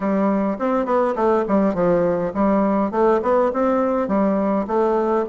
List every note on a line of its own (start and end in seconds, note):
0.00 0.57 G3
0.59 0.85 C4
0.85 1.14 B3
1.15 1.44 A3
1.47 1.74 G3
1.74 2.32 F3
2.34 2.91 G3
2.91 3.20 A3
3.22 3.51 B3
3.53 4.08 C4
4.08 4.66 G3
4.67 5.25 A3